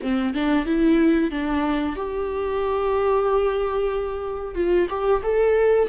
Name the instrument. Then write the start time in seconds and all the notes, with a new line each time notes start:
viola
0.02 C4
0.34 D4
0.65 E4
1.30 D4
1.96 G4
4.54 F4
4.89 G4
5.22 A4